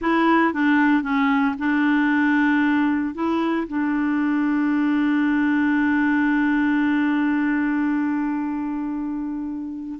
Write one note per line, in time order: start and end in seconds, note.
0.01 0.53 E4
0.53 1.02 D4
1.02 1.55 C#4
1.58 3.14 D4
3.14 3.67 E4
3.67 9.99 D4